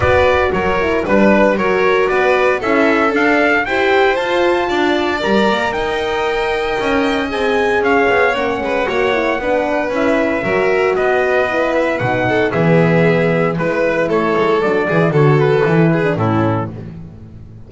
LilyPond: <<
  \new Staff \with { instrumentName = "trumpet" } { \time 4/4 \tempo 4 = 115 d''4 cis''4 b'4 cis''4 | d''4 e''4 f''4 g''4 | a''2 ais''4 g''4~ | g''2 gis''4 f''4 |
fis''2. e''4~ | e''4 dis''4. e''8 fis''4 | e''2 b'4 cis''4 | d''4 cis''8 b'4. a'4 | }
  \new Staff \with { instrumentName = "violin" } { \time 4/4 b'4 ais'4 b'4 ais'4 | b'4 a'2 c''4~ | c''4 d''2 dis''4~ | dis''2. cis''4~ |
cis''8 b'8 cis''4 b'2 | ais'4 b'2~ b'8 a'8 | gis'2 b'4 a'4~ | a'8 gis'8 a'4. gis'8 e'4 | }
  \new Staff \with { instrumentName = "horn" } { \time 4/4 fis'4. e'8 d'4 fis'4~ | fis'4 e'4 d'4 g'4 | f'2 ais'2~ | ais'2 gis'2 |
cis'4 fis'8 e'8 d'4 e'4 | fis'2 e'4 dis'4 | b2 e'2 | d'8 e'8 fis'4 e'8. d'16 cis'4 | }
  \new Staff \with { instrumentName = "double bass" } { \time 4/4 b4 fis4 g4 fis4 | b4 cis'4 d'4 e'4 | f'4 d'4 g8 ais8 dis'4~ | dis'4 cis'4 c'4 cis'8 b8 |
ais8 gis8 ais4 b4 cis'4 | fis4 b2 b,4 | e2 gis4 a8 gis8 | fis8 e8 d4 e4 a,4 | }
>>